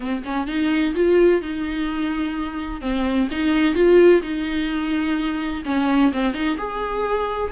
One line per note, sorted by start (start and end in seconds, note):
0.00 0.22 C4
0.24 0.47 C#4
0.47 0.94 D#4
0.94 1.41 F4
1.41 2.81 D#4
2.81 3.28 C4
3.31 3.74 D#4
3.74 4.21 F4
4.22 5.62 D#4
5.65 6.12 C#4
6.12 6.33 C4
6.33 6.57 D#4
6.57 7.51 G#4